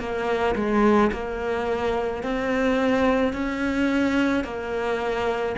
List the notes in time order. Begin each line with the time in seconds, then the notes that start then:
0.00 A#3
0.56 G#3
1.12 A#3
2.23 C4
3.33 C#4
4.44 A#3